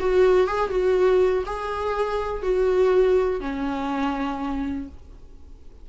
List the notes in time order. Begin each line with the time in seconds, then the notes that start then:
0.00 F#4
0.48 G#4
0.70 F#4
1.46 G#4
2.43 F#4
3.41 C#4